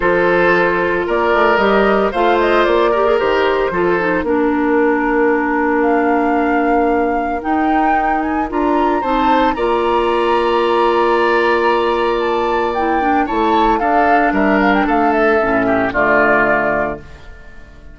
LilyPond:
<<
  \new Staff \with { instrumentName = "flute" } { \time 4/4 \tempo 4 = 113 c''2 d''4 dis''4 | f''8 dis''8 d''4 c''2 | ais'2. f''4~ | f''2 g''4. gis''8 |
ais''4 a''4 ais''2~ | ais''2. a''4 | g''4 a''4 f''4 e''8 f''16 g''16 | f''8 e''4. d''2 | }
  \new Staff \with { instrumentName = "oboe" } { \time 4/4 a'2 ais'2 | c''4. ais'4. a'4 | ais'1~ | ais'1~ |
ais'4 c''4 d''2~ | d''1~ | d''4 cis''4 a'4 ais'4 | a'4. g'8 f'2 | }
  \new Staff \with { instrumentName = "clarinet" } { \time 4/4 f'2. g'4 | f'4. g'16 gis'16 g'4 f'8 dis'8 | d'1~ | d'2 dis'2 |
f'4 dis'4 f'2~ | f'1 | e'8 d'8 e'4 d'2~ | d'4 cis'4 a2 | }
  \new Staff \with { instrumentName = "bassoon" } { \time 4/4 f2 ais8 a8 g4 | a4 ais4 dis4 f4 | ais1~ | ais2 dis'2 |
d'4 c'4 ais2~ | ais1~ | ais4 a4 d'4 g4 | a4 a,4 d2 | }
>>